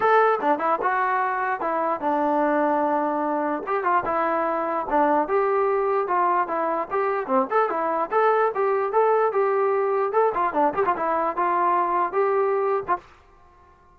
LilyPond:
\new Staff \with { instrumentName = "trombone" } { \time 4/4 \tempo 4 = 148 a'4 d'8 e'8 fis'2 | e'4 d'2.~ | d'4 g'8 f'8 e'2 | d'4 g'2 f'4 |
e'4 g'4 c'8 a'8 e'4 | a'4 g'4 a'4 g'4~ | g'4 a'8 f'8 d'8 g'16 f'16 e'4 | f'2 g'4.~ g'16 f'16 | }